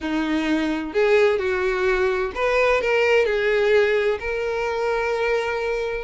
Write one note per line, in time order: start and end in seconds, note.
0.00 0.93 D#4
0.93 1.38 G#4
1.38 2.32 F#4
2.34 2.81 B4
2.81 3.25 A#4
3.25 4.18 G#4
4.19 6.04 A#4